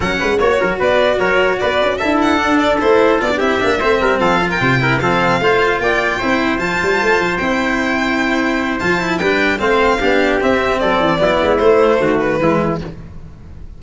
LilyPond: <<
  \new Staff \with { instrumentName = "violin" } { \time 4/4 \tempo 4 = 150 fis''4 cis''4 d''4 cis''4 | d''4 e''8 fis''4 d''8 c''4 | d''8 e''2 f''8. g''8.~ | g''8 f''2 g''4.~ |
g''8 a''2 g''4.~ | g''2 a''4 g''4 | f''2 e''4 d''4~ | d''4 c''4. b'4. | }
  \new Staff \with { instrumentName = "trumpet" } { \time 4/4 ais'8 b'8 cis''8 ais'8 b'4 ais'4 | b'4 a'2.~ | a'8 g'4 c''8 ais'8 a'8. ais'16 c''8 | ais'8 a'4 c''4 d''4 c''8~ |
c''1~ | c''2. b'4 | c''4 g'2 a'4 | e'2 fis'4 e'4 | }
  \new Staff \with { instrumentName = "cello" } { \time 4/4 cis'4 fis'2.~ | fis'4 e'4 d'4 e'4 | f'16 d'16 e'8 d'8 c'4. f'4 | e'8 c'4 f'2 e'8~ |
e'8 f'2 e'4.~ | e'2 f'8 e'8 d'4 | c'4 d'4 c'2 | b4 a2 gis4 | }
  \new Staff \with { instrumentName = "tuba" } { \time 4/4 fis8 gis8 ais8 fis8 b4 fis4 | b8 cis'8 d'2 a4 | b8 c'8 ais8 a8 g8 f4 c8~ | c8 f4 a4 ais4 c'8~ |
c'8 f8 g8 a8 f8 c'4.~ | c'2 f4 g4 | a4 b4 c'4 fis8 e8 | fis8 gis8 a4 dis4 e4 | }
>>